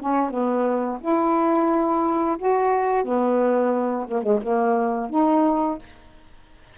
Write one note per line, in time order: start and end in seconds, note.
0.00 0.30 C#4
0.30 0.99 B3
1.01 2.37 E4
2.38 3.05 F#4
3.05 4.07 B3
4.08 4.23 A#3
4.23 4.40 G#3
4.42 5.10 A#3
5.10 5.78 D#4